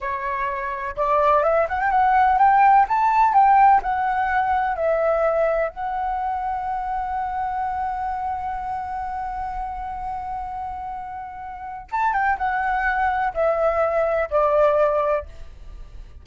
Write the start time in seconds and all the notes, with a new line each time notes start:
0.00 C#5
0.96 D5
1.43 E5
1.68 F#5
1.80 G5
1.90 F#5
2.38 G5
2.88 A5
3.33 G5
3.82 F#5
4.75 E5
5.69 F#5
11.91 A5
12.13 G5
12.38 F#5
13.34 E5
14.30 D5